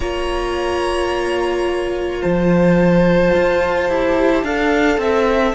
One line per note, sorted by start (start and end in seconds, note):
0.00 2.22 A#3
0.00 3.89 F4
0.00 2.21 C#5
0.00 2.22 A#5
2.21 3.34 F3
2.21 4.44 C5
2.21 5.55 A5
3.34 3.89 F4
3.89 4.43 E4
3.89 4.44 G4
4.43 4.97 D4
4.43 5.55 A4
4.43 4.99 F5
4.97 5.53 C4
4.97 5.55 E5